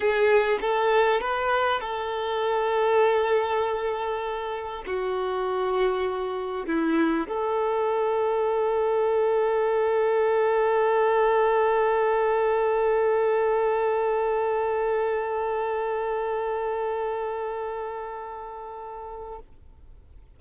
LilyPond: \new Staff \with { instrumentName = "violin" } { \time 4/4 \tempo 4 = 99 gis'4 a'4 b'4 a'4~ | a'1 | fis'2. e'4 | a'1~ |
a'1~ | a'1~ | a'1~ | a'1 | }